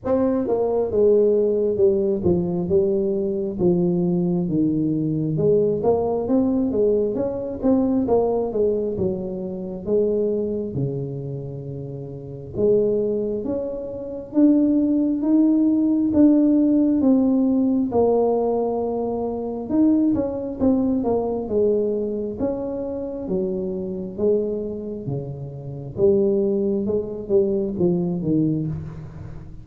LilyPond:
\new Staff \with { instrumentName = "tuba" } { \time 4/4 \tempo 4 = 67 c'8 ais8 gis4 g8 f8 g4 | f4 dis4 gis8 ais8 c'8 gis8 | cis'8 c'8 ais8 gis8 fis4 gis4 | cis2 gis4 cis'4 |
d'4 dis'4 d'4 c'4 | ais2 dis'8 cis'8 c'8 ais8 | gis4 cis'4 fis4 gis4 | cis4 g4 gis8 g8 f8 dis8 | }